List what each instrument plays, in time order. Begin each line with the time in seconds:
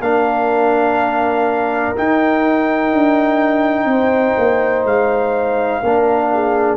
0.00 tuba A#3, trombone D4, horn A#4, trumpet F5
1.96 trombone D#4, tuba D#4, trumpet G5
2.93 tuba D4
3.85 tuba C4, horn C5
4.37 tuba A#3
4.84 tuba G#3, trumpet F5
5.82 tuba A#3, trombone D4, horn A#4
6.33 horn G#4